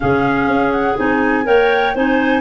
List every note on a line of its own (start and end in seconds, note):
0.00 0.47 C#3
0.00 0.95 C#4
0.00 1.46 G#4
0.00 0.72 F5
0.47 0.96 C#4
0.72 0.96 F#5
0.97 1.46 C4
0.97 1.44 D#4
0.97 1.47 G#5
1.44 1.95 A#3
1.44 1.92 A#4
1.44 1.95 C#5
1.44 1.96 G5
1.95 2.41 C4
1.95 2.41 D#4
1.95 2.41 C5
1.95 2.41 G#5